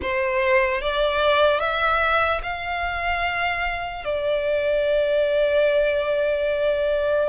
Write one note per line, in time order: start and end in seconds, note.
0.01 0.81 C5
0.81 1.60 D5
1.60 2.41 E5
2.43 4.05 F5
4.05 7.28 D5